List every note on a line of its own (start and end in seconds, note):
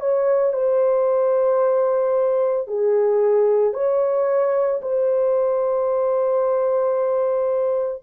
0.00 0.53 C#5
0.53 2.67 C5
2.67 3.74 G#4
3.74 4.81 C#5
4.82 8.03 C5